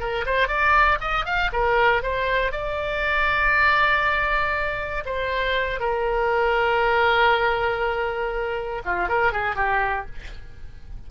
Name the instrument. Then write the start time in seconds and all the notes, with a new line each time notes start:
oboe
0.00 A#4
0.26 C5
0.48 D5
1.01 D#5
1.26 F5
1.53 A#4
2.03 C5
2.52 D5
5.06 C5
5.80 A#4
8.85 F4
9.09 A#4
9.33 G#4
9.56 G4